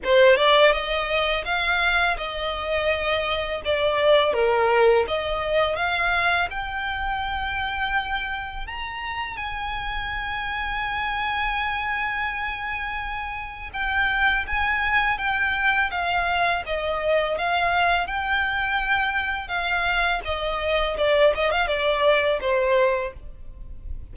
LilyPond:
\new Staff \with { instrumentName = "violin" } { \time 4/4 \tempo 4 = 83 c''8 d''8 dis''4 f''4 dis''4~ | dis''4 d''4 ais'4 dis''4 | f''4 g''2. | ais''4 gis''2.~ |
gis''2. g''4 | gis''4 g''4 f''4 dis''4 | f''4 g''2 f''4 | dis''4 d''8 dis''16 f''16 d''4 c''4 | }